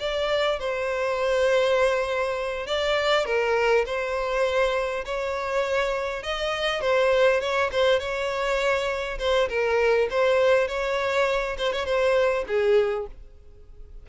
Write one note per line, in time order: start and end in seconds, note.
0.00 0.59 D5
0.60 2.67 C5
2.67 3.26 D5
3.26 3.85 A#4
3.86 5.05 C5
5.05 6.23 C#5
6.23 6.81 D#5
6.81 7.41 C5
7.41 7.70 C#5
7.72 8.00 C5
8.00 9.18 C#5
9.19 9.49 C5
9.49 10.09 A#4
10.10 10.68 C5
10.68 11.57 C#5
11.58 11.73 C5
11.73 11.85 C#5
11.85 12.45 C5
12.48 13.07 G#4